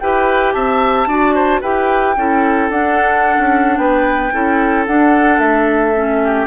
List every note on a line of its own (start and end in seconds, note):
0.00 0.55 E4
0.00 1.09 G4
0.00 0.55 B4
0.00 0.53 G5
0.53 1.07 C4
0.53 1.09 E5
0.53 1.61 A5
1.07 1.61 D4
1.07 1.62 F#4
1.07 1.35 D5
1.35 1.61 C5
1.61 2.17 E4
1.61 2.17 G4
1.61 2.15 B4
1.61 2.70 G5
2.17 2.70 C#4
2.17 2.71 E4
2.17 3.80 A4
2.70 3.37 D4
2.70 4.32 D4
2.70 3.78 F#5
3.39 3.78 C#4
3.78 4.32 B3
3.78 4.34 B4
3.78 4.86 G5
4.32 4.88 C#4
4.32 4.86 E4
4.32 6.23 A4
4.87 5.39 D4
4.87 5.95 D4
4.87 5.39 F#5
5.39 6.47 A3
5.39 6.47 E5
5.95 6.47 C#4
6.24 6.47 G4